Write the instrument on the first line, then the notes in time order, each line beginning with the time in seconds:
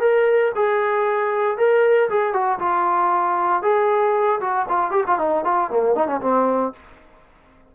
trombone
0.00 A#4
0.55 G#4
1.57 A#4
2.09 G#4
2.33 F#4
2.59 F4
3.62 G#4
4.40 F#4
4.69 F4
4.91 G4
5.07 F4
5.18 D#4
5.44 F4
5.70 A#3
5.95 D#4
6.07 C#4
6.21 C4